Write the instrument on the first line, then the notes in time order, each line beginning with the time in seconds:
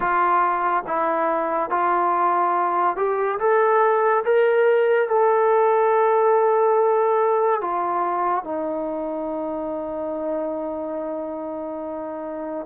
trombone
0.00 F4
0.86 E4
1.70 F4
2.96 G4
3.39 A4
4.24 A#4
5.08 A4
7.61 F4
8.44 D#4